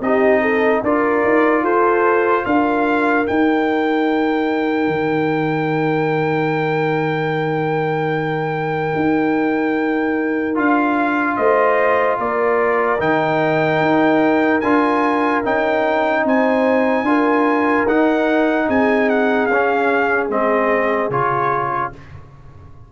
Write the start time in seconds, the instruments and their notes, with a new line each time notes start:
0.00 tuba C4, trombone D#4, horn G4, trumpet D#5
0.41 horn A4
0.83 tuba D4, trombone F4, horn A#4, trumpet D5
1.23 tuba D#4
1.62 tuba F4, horn A4, trumpet C5
2.45 tuba D4, horn A#4, trumpet F5
3.26 trombone D#4, tuba D#4, trumpet G5
4.87 tuba D#3
8.95 tuba D#4
10.55 tuba D4, trombone F4, trumpet F5
11.36 tuba A3, horn C5, trumpet D#5
12.18 tuba A#3, horn A#4, trumpet D5
12.99 tuba D#3, trombone D#4, trumpet G5
13.80 tuba D#4
14.60 tuba D4, trombone F4, trumpet G#5
15.44 tuba C#4, trombone D#4, trumpet G5
16.24 tuba C4, horn C5, trumpet G#5
17.02 tuba D4, trombone F4, horn A#4
17.86 tuba D#4, trombone D#4, trumpet F#5
18.67 tuba C4, horn G#4, trumpet G#5
19.09 trumpet F#5
19.46 tuba C#4, trumpet F5
19.52 trombone C#4
20.29 tuba G#3, trombone C4, trumpet D#5
21.09 tuba C#3, trombone F4, trumpet C#5